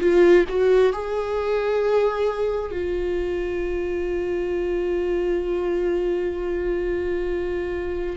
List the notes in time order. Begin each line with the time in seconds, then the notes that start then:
0.00 F4
0.49 F#4
0.93 G#4
2.71 F4